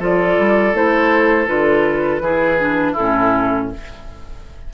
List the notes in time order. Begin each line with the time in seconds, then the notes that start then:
0.00 F3 F4 A4 D5
0.39 G3
0.74 A3 E4 C5
1.47 D3 F4 B4
2.20 E3 E4 G#4
2.59 D4
2.93 E4 A4
3.00 A2 C#4